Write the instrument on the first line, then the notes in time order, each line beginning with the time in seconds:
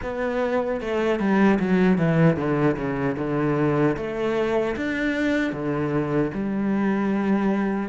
cello
0.02 B3
0.81 A3
1.19 G3
1.59 F#3
1.97 E3
2.36 D3
2.76 C#3
3.17 D3
3.96 A3
4.76 D4
5.52 D3
6.34 G3